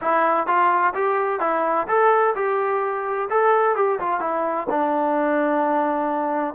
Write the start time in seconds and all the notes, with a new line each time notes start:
0.01 E4
0.46 F4
0.94 G4
1.40 E4
1.87 A4
2.35 G4
3.30 A4
3.75 G4
3.99 F4
4.20 E4
4.69 D4